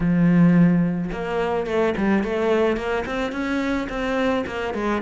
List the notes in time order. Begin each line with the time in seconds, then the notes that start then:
0.00 F3
1.12 A#3
1.66 A3
1.97 G3
2.23 A3
2.76 A#3
3.06 C4
3.32 C#4
3.89 C4
4.46 A#3
4.74 G#3